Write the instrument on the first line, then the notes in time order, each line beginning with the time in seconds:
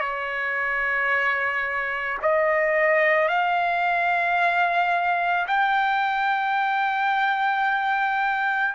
trumpet
0.00 C#5
2.22 D#5
3.28 F5
5.47 G5